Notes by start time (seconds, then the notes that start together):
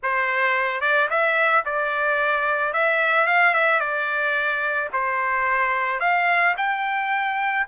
0.02 C5
0.81 D5
1.10 E5
1.65 D5
2.73 E5
3.26 F5
3.54 E5
3.79 D5
4.92 C5
6.00 F5
6.57 G5